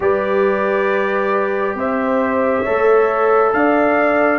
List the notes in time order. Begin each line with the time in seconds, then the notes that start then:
0.00 G3 G4 B4 D5
1.74 C4 C5 E5
2.62 A3 A4 C#5
3.53 D4 D5 F5